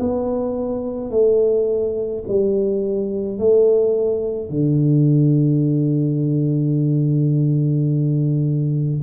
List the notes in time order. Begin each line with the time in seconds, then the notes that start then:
0.00 B3
1.11 A3
2.28 G3
3.39 A3
4.50 D3